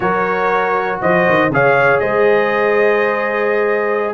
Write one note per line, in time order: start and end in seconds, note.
0.00 1.00 F#3
0.00 1.50 F#4
0.00 1.01 A#4
0.00 1.00 C#5
1.01 1.27 F3
1.01 1.52 C5
1.01 1.52 D#5
1.29 1.49 D#3
1.49 1.99 C#3
1.49 4.13 G#4
1.49 2.01 C#5
1.49 1.99 F5
1.99 4.13 G#3
1.99 4.13 C5
1.99 4.13 D#5